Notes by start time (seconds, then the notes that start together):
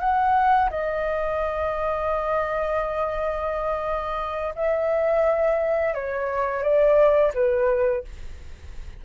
0.00 F#5
0.71 D#5
4.56 E5
5.94 C#5
6.63 D5
7.34 B4